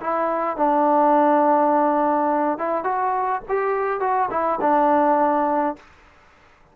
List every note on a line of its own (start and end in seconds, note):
0.00 0.56 E4
0.56 2.58 D4
2.58 2.84 E4
2.84 3.41 F#4
3.49 4.00 G4
4.00 4.29 F#4
4.30 4.59 E4
4.61 5.76 D4